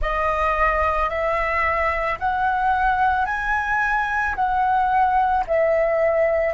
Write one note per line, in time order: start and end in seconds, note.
0.01 1.09 D#5
1.09 2.18 E5
2.19 3.25 F#5
3.25 4.34 G#5
4.35 5.44 F#5
5.47 6.54 E5